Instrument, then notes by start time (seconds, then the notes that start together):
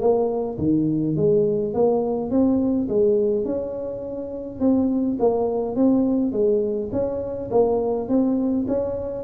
tuba
0.00 A#3
0.58 D#3
1.16 G#3
1.74 A#3
2.30 C4
2.88 G#3
3.45 C#4
4.60 C4
5.19 A#3
5.76 C4
6.32 G#3
6.92 C#4
7.51 A#3
8.08 C4
8.67 C#4